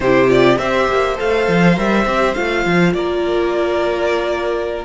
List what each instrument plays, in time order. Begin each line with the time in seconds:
0.00 cello C3, viola E4, violin G4 C5
0.28 viola F4, violin D5
0.58 cello C4, viola G4, violin C5 E5
0.88 cello A#3
1.16 cello A3, viola A4, violin F5
1.48 cello F3
1.75 cello G3, viola A#4, violin E5
2.05 cello C4, viola G4
2.34 cello A3, viola F4, violin F5
2.65 cello F3
2.93 cello A#3, violin A#4 D5